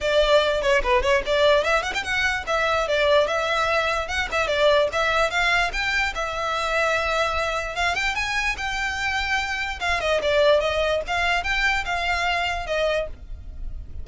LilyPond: \new Staff \with { instrumentName = "violin" } { \time 4/4 \tempo 4 = 147 d''4. cis''8 b'8 cis''8 d''4 | e''8 fis''16 g''16 fis''4 e''4 d''4 | e''2 fis''8 e''8 d''4 | e''4 f''4 g''4 e''4~ |
e''2. f''8 g''8 | gis''4 g''2. | f''8 dis''8 d''4 dis''4 f''4 | g''4 f''2 dis''4 | }